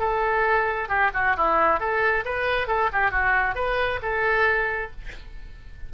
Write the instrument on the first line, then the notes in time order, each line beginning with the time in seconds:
oboe
0.00 A4
0.89 G4
1.14 F#4
1.37 E4
1.80 A4
2.26 B4
2.68 A4
2.93 G4
3.11 F#4
3.56 B4
4.02 A4